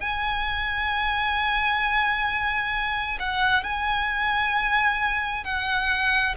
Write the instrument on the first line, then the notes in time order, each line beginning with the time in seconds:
violin
0.00 G#5
3.19 F#5
3.63 G#5
5.44 F#5